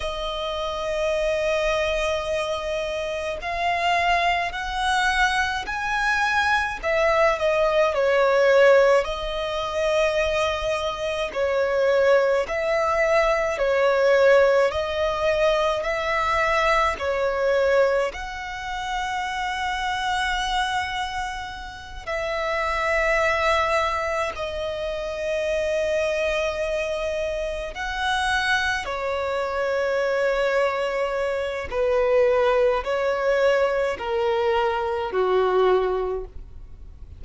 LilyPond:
\new Staff \with { instrumentName = "violin" } { \time 4/4 \tempo 4 = 53 dis''2. f''4 | fis''4 gis''4 e''8 dis''8 cis''4 | dis''2 cis''4 e''4 | cis''4 dis''4 e''4 cis''4 |
fis''2.~ fis''8 e''8~ | e''4. dis''2~ dis''8~ | dis''8 fis''4 cis''2~ cis''8 | b'4 cis''4 ais'4 fis'4 | }